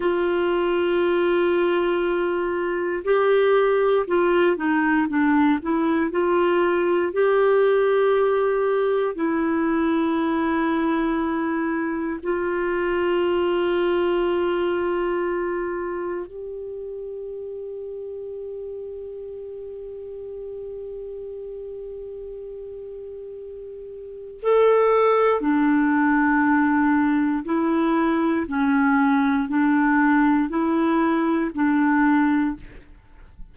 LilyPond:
\new Staff \with { instrumentName = "clarinet" } { \time 4/4 \tempo 4 = 59 f'2. g'4 | f'8 dis'8 d'8 e'8 f'4 g'4~ | g'4 e'2. | f'1 |
g'1~ | g'1 | a'4 d'2 e'4 | cis'4 d'4 e'4 d'4 | }